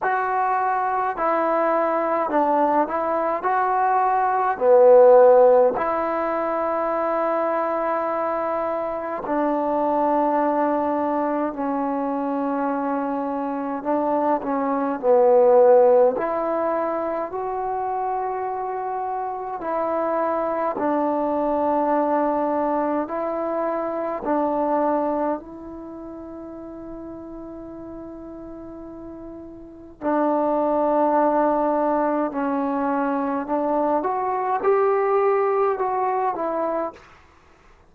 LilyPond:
\new Staff \with { instrumentName = "trombone" } { \time 4/4 \tempo 4 = 52 fis'4 e'4 d'8 e'8 fis'4 | b4 e'2. | d'2 cis'2 | d'8 cis'8 b4 e'4 fis'4~ |
fis'4 e'4 d'2 | e'4 d'4 e'2~ | e'2 d'2 | cis'4 d'8 fis'8 g'4 fis'8 e'8 | }